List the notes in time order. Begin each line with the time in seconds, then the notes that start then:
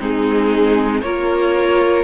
0.00 G#3 C4 D#4 G#4
1.02 A#3 F4 A#4 C#5